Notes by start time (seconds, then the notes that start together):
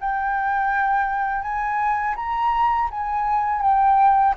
0.00 G5
1.42 G#5
2.16 A#5
2.90 G#5
3.62 G5